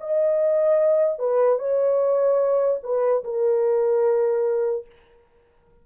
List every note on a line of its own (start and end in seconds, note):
0.00 1.19 D#5
1.19 1.59 B4
1.59 2.80 C#5
2.83 3.24 B4
3.24 4.86 A#4